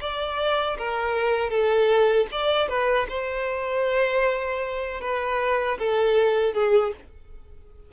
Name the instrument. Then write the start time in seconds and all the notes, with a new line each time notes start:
violin
0.00 D5
0.78 A#4
1.50 A4
2.31 D5
2.68 B4
3.08 C5
5.01 B4
5.78 A4
6.53 G#4